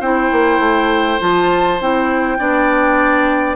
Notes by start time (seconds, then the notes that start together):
0.00 C4 E4 C5 G5
0.32 A#3
0.59 A3
1.20 F3 F4 A5
1.80 C4 E4 G5
2.38 B3 D4 D5